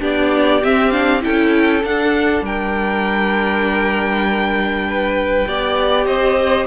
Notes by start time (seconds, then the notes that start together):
0.00 B3 D4 G4 D5
0.63 C4 E5
0.91 D4 F5
1.21 C#4 E4 A4 G5
1.83 D4 F#5
2.42 G3 A#4 G5
4.88 B4
5.47 B3 G4 D5
6.06 C4 C5 D#5